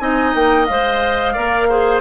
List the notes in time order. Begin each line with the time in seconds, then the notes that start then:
0.00 C4 D#4 D#5 G#5
0.35 A#3 G5
0.66 G#3 C5 F5
1.34 A#3 A#4 D5
1.69 G#4 C5